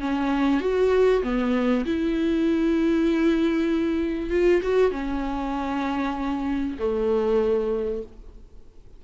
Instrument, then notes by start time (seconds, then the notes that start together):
viola
0.00 C#4
0.60 F#4
1.23 B3
1.85 E4
4.30 F4
4.62 F#4
4.91 C#4
6.79 A3